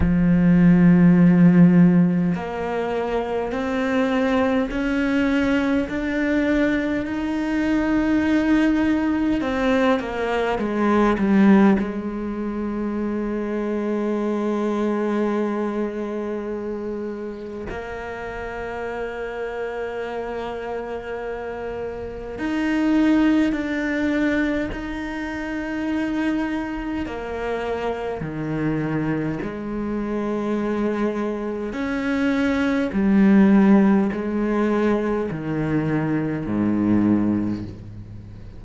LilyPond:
\new Staff \with { instrumentName = "cello" } { \time 4/4 \tempo 4 = 51 f2 ais4 c'4 | cis'4 d'4 dis'2 | c'8 ais8 gis8 g8 gis2~ | gis2. ais4~ |
ais2. dis'4 | d'4 dis'2 ais4 | dis4 gis2 cis'4 | g4 gis4 dis4 gis,4 | }